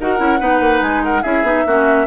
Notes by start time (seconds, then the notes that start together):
0.00 D#4 F#4 A#4 F#5
0.18 C#4 E4
0.40 B3 D#4 B4
0.60 A#3
0.82 G#3 G#5
1.04 A#4 F#5
1.23 C#4 E4 G#4 E5
1.43 B3 D#4
1.67 A#3 C#4 F#4